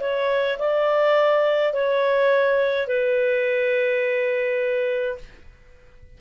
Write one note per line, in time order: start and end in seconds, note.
0.00 0.58 C#5
0.59 1.73 D5
1.73 2.87 C#5
2.87 5.18 B4